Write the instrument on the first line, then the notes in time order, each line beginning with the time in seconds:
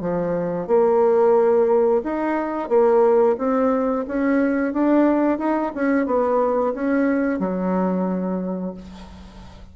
bassoon
0.00 F3
0.67 A#3
2.03 D#4
2.68 A#3
3.37 C4
4.07 C#4
4.73 D4
5.38 D#4
5.74 C#4
6.06 B3
6.74 C#4
7.39 F#3